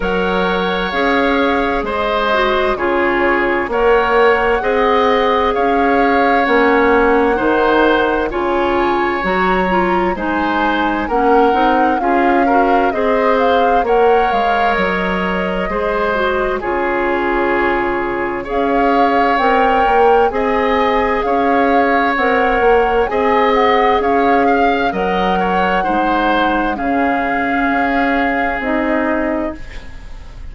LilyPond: <<
  \new Staff \with { instrumentName = "flute" } { \time 4/4 \tempo 4 = 65 fis''4 f''4 dis''4 cis''4 | fis''2 f''4 fis''4~ | fis''4 gis''4 ais''4 gis''4 | fis''4 f''4 dis''8 f''8 fis''8 f''8 |
dis''2 cis''2 | f''4 g''4 gis''4 f''4 | fis''4 gis''8 fis''8 f''4 fis''4~ | fis''4 f''2 dis''4 | }
  \new Staff \with { instrumentName = "oboe" } { \time 4/4 cis''2 c''4 gis'4 | cis''4 dis''4 cis''2 | c''4 cis''2 c''4 | ais'4 gis'8 ais'8 c''4 cis''4~ |
cis''4 c''4 gis'2 | cis''2 dis''4 cis''4~ | cis''4 dis''4 cis''8 f''8 dis''8 cis''8 | c''4 gis'2. | }
  \new Staff \with { instrumentName = "clarinet" } { \time 4/4 ais'4 gis'4. fis'8 f'4 | ais'4 gis'2 cis'4 | dis'4 f'4 fis'8 f'8 dis'4 | cis'8 dis'8 f'8 fis'8 gis'4 ais'4~ |
ais'4 gis'8 fis'8 f'2 | gis'4 ais'4 gis'2 | ais'4 gis'2 ais'4 | dis'4 cis'2 dis'4 | }
  \new Staff \with { instrumentName = "bassoon" } { \time 4/4 fis4 cis'4 gis4 cis4 | ais4 c'4 cis'4 ais4 | dis4 cis4 fis4 gis4 | ais8 c'8 cis'4 c'4 ais8 gis8 |
fis4 gis4 cis2 | cis'4 c'8 ais8 c'4 cis'4 | c'8 ais8 c'4 cis'4 fis4 | gis4 cis4 cis'4 c'4 | }
>>